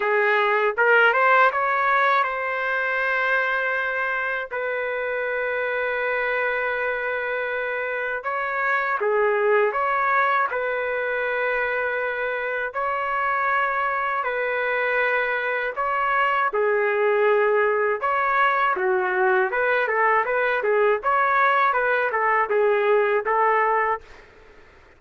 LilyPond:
\new Staff \with { instrumentName = "trumpet" } { \time 4/4 \tempo 4 = 80 gis'4 ais'8 c''8 cis''4 c''4~ | c''2 b'2~ | b'2. cis''4 | gis'4 cis''4 b'2~ |
b'4 cis''2 b'4~ | b'4 cis''4 gis'2 | cis''4 fis'4 b'8 a'8 b'8 gis'8 | cis''4 b'8 a'8 gis'4 a'4 | }